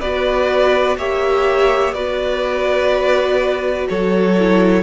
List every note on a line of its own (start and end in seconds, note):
0.00 0.97 B3
0.00 0.99 F#4
0.00 0.97 B4
0.00 0.98 D5
0.97 1.92 A#3
0.97 1.95 G4
0.97 1.95 C#5
0.97 1.94 E5
1.92 3.86 B3
1.92 4.37 F#4
1.92 3.88 B4
1.92 3.87 D5
3.89 4.83 F#3
3.89 4.83 A4
3.89 4.83 C#5
4.39 4.83 E4